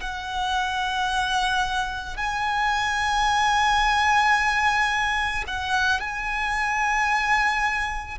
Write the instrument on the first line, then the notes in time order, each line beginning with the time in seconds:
violin
0.00 F#5
2.16 G#5
5.46 F#5
6.00 G#5